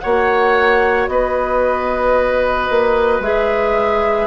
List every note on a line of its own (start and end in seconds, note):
0.00 1.08 A#3
0.00 3.23 F#4
0.00 1.10 C#5
0.00 1.07 F#5
1.08 2.69 B3
1.08 4.27 B4
1.08 3.22 D#5
2.70 3.20 A#3
3.20 4.27 G#3
3.20 4.27 G#4
3.20 4.27 E5